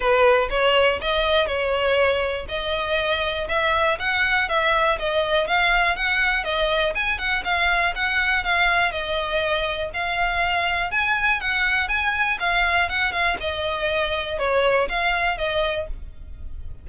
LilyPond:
\new Staff \with { instrumentName = "violin" } { \time 4/4 \tempo 4 = 121 b'4 cis''4 dis''4 cis''4~ | cis''4 dis''2 e''4 | fis''4 e''4 dis''4 f''4 | fis''4 dis''4 gis''8 fis''8 f''4 |
fis''4 f''4 dis''2 | f''2 gis''4 fis''4 | gis''4 f''4 fis''8 f''8 dis''4~ | dis''4 cis''4 f''4 dis''4 | }